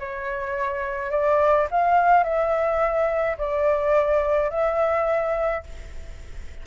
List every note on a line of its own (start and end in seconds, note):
0.00 1.11 C#5
1.11 1.68 D5
1.71 2.24 F5
2.24 3.38 E5
3.39 4.50 D5
4.50 5.63 E5